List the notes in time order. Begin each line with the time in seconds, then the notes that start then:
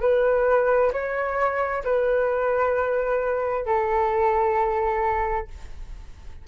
0.00 B4
0.92 C#5
1.83 B4
3.65 A4